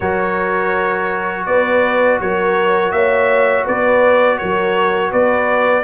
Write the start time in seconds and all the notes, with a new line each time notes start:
0.00 F#3 F#4 A#4 C#5
1.46 B3 B4 D5
2.19 F#3 A#4 C#5
2.91 A#3 C#5 E5
3.64 B3 B4 D5
4.37 F#3 A#4 C#5
5.10 B3 B4 D5